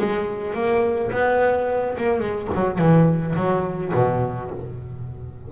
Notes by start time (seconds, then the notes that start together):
0.00 G#3
0.55 A#3
1.12 B3
1.98 A#3
2.20 G#3
2.55 F#3
2.79 E3
3.36 F#3
3.95 B2